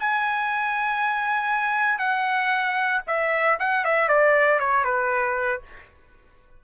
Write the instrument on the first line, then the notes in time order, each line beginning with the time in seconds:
trumpet
0.00 G#5
1.99 F#5
3.08 E5
3.60 F#5
3.85 E5
4.09 D5
4.60 C#5
4.85 B4